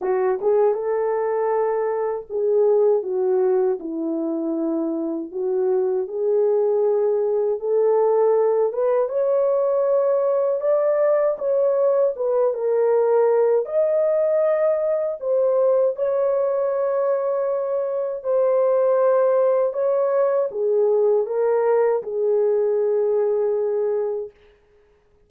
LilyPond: \new Staff \with { instrumentName = "horn" } { \time 4/4 \tempo 4 = 79 fis'8 gis'8 a'2 gis'4 | fis'4 e'2 fis'4 | gis'2 a'4. b'8 | cis''2 d''4 cis''4 |
b'8 ais'4. dis''2 | c''4 cis''2. | c''2 cis''4 gis'4 | ais'4 gis'2. | }